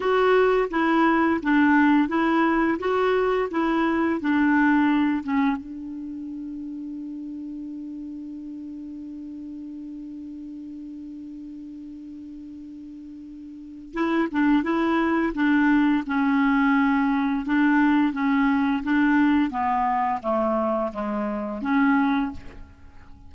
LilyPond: \new Staff \with { instrumentName = "clarinet" } { \time 4/4 \tempo 4 = 86 fis'4 e'4 d'4 e'4 | fis'4 e'4 d'4. cis'8 | d'1~ | d'1~ |
d'1 | e'8 d'8 e'4 d'4 cis'4~ | cis'4 d'4 cis'4 d'4 | b4 a4 gis4 cis'4 | }